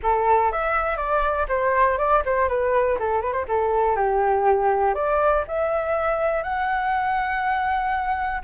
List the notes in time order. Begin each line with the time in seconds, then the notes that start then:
0.02 A4
0.52 E5
0.96 D5
1.48 C5
1.98 D5
2.25 C5
2.48 B4
2.99 A4
3.21 B4
3.32 C5
3.48 A4
3.96 G4
4.94 D5
5.47 E5
6.43 F#5